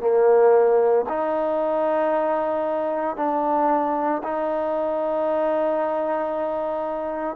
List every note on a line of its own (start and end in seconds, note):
0.00 1.05 A#3
1.09 3.16 D#4
3.16 4.22 D4
4.23 7.36 D#4